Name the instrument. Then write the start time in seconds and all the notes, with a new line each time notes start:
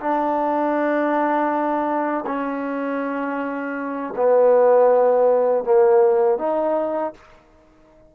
trombone
0.00 D4
2.27 C#4
4.17 B3
5.65 A#3
6.39 D#4